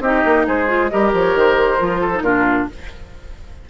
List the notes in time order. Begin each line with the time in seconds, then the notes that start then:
0.00 C4 D#4 G4 D#5
0.25 A#3
0.46 G#3 G#4 C5
0.68 F4
0.89 G3 G4 A#4 D#5
1.13 F3 C#5
1.35 D#3 C5
1.79 F3 F4
2.01 A4
2.15 D#4
2.21 A#2 D4 F4 A#4